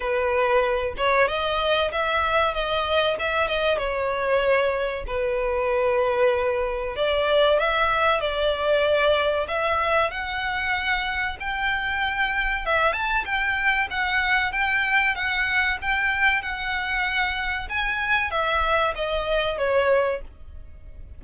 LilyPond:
\new Staff \with { instrumentName = "violin" } { \time 4/4 \tempo 4 = 95 b'4. cis''8 dis''4 e''4 | dis''4 e''8 dis''8 cis''2 | b'2. d''4 | e''4 d''2 e''4 |
fis''2 g''2 | e''8 a''8 g''4 fis''4 g''4 | fis''4 g''4 fis''2 | gis''4 e''4 dis''4 cis''4 | }